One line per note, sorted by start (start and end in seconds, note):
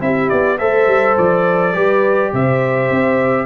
0.00 0.29 C4
0.00 0.58 E4
0.00 0.58 G4
0.00 0.28 E5
0.28 0.60 B3
0.28 0.57 D5
0.58 0.87 A3
0.58 1.73 A4
0.58 1.74 C5
0.58 1.16 E5
0.87 1.16 G3
1.17 1.74 F3
1.17 2.32 D5
1.73 2.32 G3
1.73 3.45 G4
1.73 2.32 B4
2.33 2.90 C3
2.33 3.45 C5
2.33 3.45 E5
2.90 3.45 C4